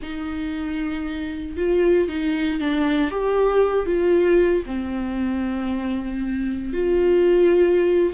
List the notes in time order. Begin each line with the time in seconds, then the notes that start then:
0.02 D#4
1.56 F4
2.08 D#4
2.59 D4
3.10 G4
3.86 F4
4.66 C4
6.73 F4